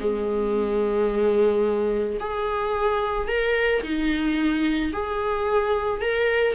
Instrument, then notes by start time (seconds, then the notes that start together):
viola
0.00 G#3
2.20 G#4
3.28 A#4
3.83 D#4
4.93 G#4
6.01 A#4